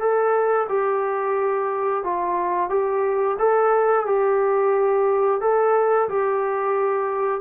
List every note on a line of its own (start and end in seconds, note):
0.00 0.67 A4
0.69 2.04 G4
2.04 2.70 F4
2.70 3.37 G4
3.39 4.06 A4
4.06 5.41 G4
5.41 6.09 A4
6.09 7.41 G4